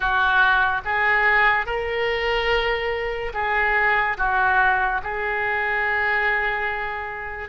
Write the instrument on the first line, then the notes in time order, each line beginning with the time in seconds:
oboe
0.00 F#4
0.84 G#4
1.66 A#4
3.33 G#4
4.17 F#4
5.03 G#4